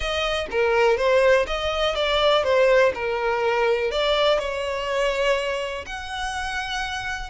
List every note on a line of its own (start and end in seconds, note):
0.00 0.47 D#5
0.50 0.97 A#4
0.97 1.45 C5
1.46 1.95 D#5
1.95 2.43 D5
2.43 2.92 C5
2.94 3.91 A#4
3.91 4.38 D5
4.38 5.85 C#5
5.86 7.29 F#5